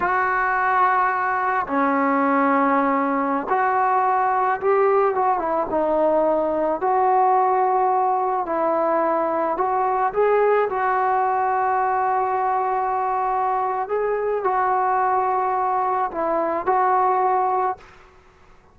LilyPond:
\new Staff \with { instrumentName = "trombone" } { \time 4/4 \tempo 4 = 108 fis'2. cis'4~ | cis'2~ cis'16 fis'4.~ fis'16~ | fis'16 g'4 fis'8 e'8 dis'4.~ dis'16~ | dis'16 fis'2. e'8.~ |
e'4~ e'16 fis'4 gis'4 fis'8.~ | fis'1~ | fis'4 gis'4 fis'2~ | fis'4 e'4 fis'2 | }